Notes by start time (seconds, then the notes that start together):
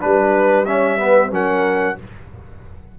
0.00 G3 D4 B4
0.65 C#4 C#5 E5
0.97 B3 B4
1.30 F#3 C#4 A#4 F#5